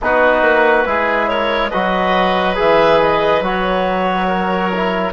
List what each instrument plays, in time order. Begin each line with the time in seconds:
0.01 bassoon B3, trombone D#4, oboe F#4, clarinet B4
0.41 bassoon A#3
0.85 bassoon G#3, trombone E4, oboe G#4
1.27 oboe A#4, clarinet C#5
1.70 bassoon F#3, trombone F#4, oboe B4, clarinet D#5
2.55 bassoon E3, trombone G#4, clarinet E5
3.00 clarinet D#5
3.41 bassoon F#3, trombone F#4, clarinet C#5
4.27 oboe A#4
4.74 trombone E4